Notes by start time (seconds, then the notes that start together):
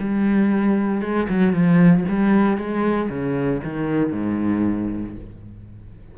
0.00 G3
1.02 G#3
1.29 F#3
1.54 F3
2.09 G3
2.58 G#3
3.10 C#3
3.64 D#3
4.13 G#2